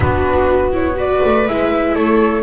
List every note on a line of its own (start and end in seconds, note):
0.00 1.21 B3
0.00 0.71 D4
0.00 0.97 F#4
0.00 0.72 B4
0.72 0.94 E4
0.72 0.98 C#5
0.94 1.43 F#4
0.94 1.95 B4
0.94 1.48 D5
1.24 1.47 A3
1.47 1.95 G#3
1.47 2.42 E4
1.47 1.95 E5
1.95 2.42 A3
1.95 2.42 A4
1.95 2.42 C#5